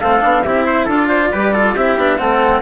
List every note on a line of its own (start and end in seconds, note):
0.00 0.24 A3
0.00 0.21 C4
0.00 0.44 A4
0.00 0.44 F5
0.21 0.45 B3
0.21 0.43 D4
0.44 0.87 C4
0.44 0.90 E4
0.44 0.67 G4
0.44 0.87 E5
0.67 0.85 C5
0.85 1.31 D4
0.85 1.33 F4
0.85 1.07 A4
0.85 1.77 D5
1.08 1.30 C5
1.31 1.77 G3
1.31 1.55 G4
1.31 1.53 B4
1.53 1.77 F4
1.53 1.75 A4
1.75 1.97 C4
1.75 1.99 E4
1.75 2.19 G4
1.75 2.18 E5
1.97 2.19 B3
1.97 2.19 D4
2.18 2.62 A3
2.18 2.62 C4
2.18 2.62 A4
2.18 2.62 F#5